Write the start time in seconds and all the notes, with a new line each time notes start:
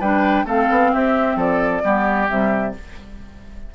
0.00 G3 D4 B4 G5
0.44 A3 C4 A4 F5
0.70 B3
0.93 C4 G4 E5
1.36 F3 A4 D5
1.83 G3 B3 G4
2.29 C3 G3 E5